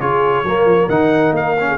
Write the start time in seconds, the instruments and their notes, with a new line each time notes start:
0.00 tuba C#3, trombone F4, horn G#4, trumpet C#5
0.44 tuba F#3, trombone A#3, horn A#4
0.65 tuba F3
0.89 tuba D#3, trombone D#4, trumpet F#5
1.31 tuba A#3, trumpet F5
1.60 trombone C#4
1.67 horn G#4